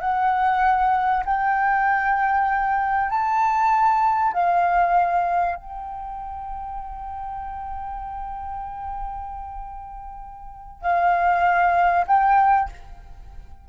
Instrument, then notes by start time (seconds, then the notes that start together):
flute
0.00 F#5
1.25 G5
3.10 A5
4.33 F5
5.56 G5
10.81 F5
12.07 G5